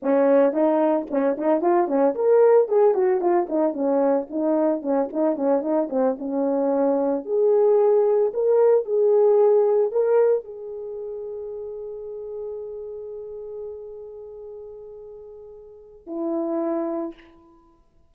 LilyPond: \new Staff \with { instrumentName = "horn" } { \time 4/4 \tempo 4 = 112 cis'4 dis'4 cis'8 dis'8 f'8 cis'8 | ais'4 gis'8 fis'8 f'8 dis'8 cis'4 | dis'4 cis'8 dis'8 cis'8 dis'8 c'8 cis'8~ | cis'4. gis'2 ais'8~ |
ais'8 gis'2 ais'4 gis'8~ | gis'1~ | gis'1~ | gis'2 e'2 | }